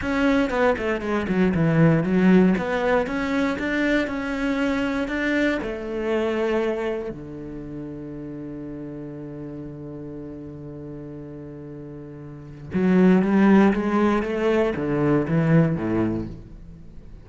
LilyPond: \new Staff \with { instrumentName = "cello" } { \time 4/4 \tempo 4 = 118 cis'4 b8 a8 gis8 fis8 e4 | fis4 b4 cis'4 d'4 | cis'2 d'4 a4~ | a2 d2~ |
d1~ | d1~ | d4 fis4 g4 gis4 | a4 d4 e4 a,4 | }